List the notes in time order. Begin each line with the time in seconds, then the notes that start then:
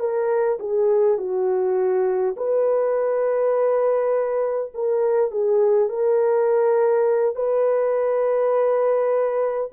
0.00 A#4
0.60 G#4
1.18 F#4
2.37 B4
4.74 A#4
5.31 G#4
5.89 A#4
7.35 B4